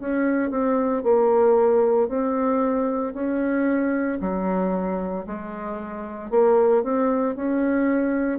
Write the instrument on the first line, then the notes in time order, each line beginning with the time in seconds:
bassoon
0.00 C#4
0.51 C4
1.04 A#3
2.09 C4
3.14 C#4
4.21 F#3
5.27 G#3
6.31 A#3
6.84 C4
7.36 C#4